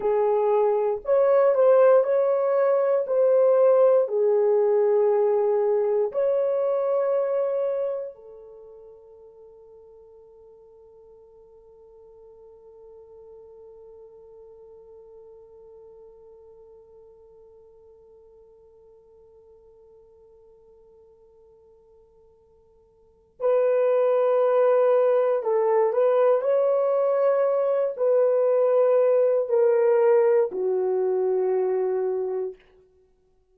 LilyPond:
\new Staff \with { instrumentName = "horn" } { \time 4/4 \tempo 4 = 59 gis'4 cis''8 c''8 cis''4 c''4 | gis'2 cis''2 | a'1~ | a'1~ |
a'1~ | a'2. b'4~ | b'4 a'8 b'8 cis''4. b'8~ | b'4 ais'4 fis'2 | }